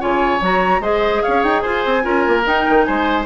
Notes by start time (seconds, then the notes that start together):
0.00 C#3 F4 C#5 G#5
0.41 F#3 F#4 A#5
0.80 G#3 G#4 C5 D#5
1.23 C#4 C#5 F5
1.43 D#4 G5
1.61 F4 C5 G#5
1.85 C4
2.02 C#4 F4 A#4
2.28 A#3
2.45 D#4 G5
2.69 D#3
2.84 G#3 C5 G#5